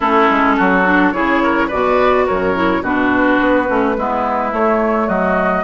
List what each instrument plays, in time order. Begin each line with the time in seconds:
0.00 bassoon A3, clarinet C#4, oboe E4, flute A4
0.29 bassoon G#3
0.56 bassoon F#3, oboe F#4
0.85 clarinet D4
1.12 bassoon C#3, clarinet E4, oboe G#4, flute C#5
1.43 oboe A#4
1.67 bassoon B2, clarinet F#4, oboe B4, flute D5
2.26 bassoon F#2, oboe A#4, flute C#5
2.54 clarinet E4
2.81 bassoon B2, clarinet D4, oboe F#4, flute B4
3.40 bassoon B3
3.66 bassoon A3, clarinet C#4
3.96 bassoon G#3, clarinet B3, oboe E4
4.51 clarinet A3, bassoon A3, flute C#5
5.07 bassoon F#3, oboe F#4, flute D#5